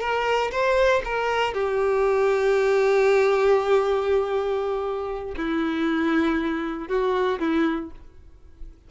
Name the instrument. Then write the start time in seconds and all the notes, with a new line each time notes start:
violin
0.00 A#4
0.51 C5
1.04 A#4
1.53 G4
5.36 E4
6.88 F#4
7.39 E4